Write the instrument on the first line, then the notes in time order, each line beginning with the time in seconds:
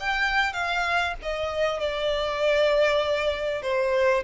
violin
0.00 G5
0.53 F5
1.22 D#5
1.80 D5
3.62 C5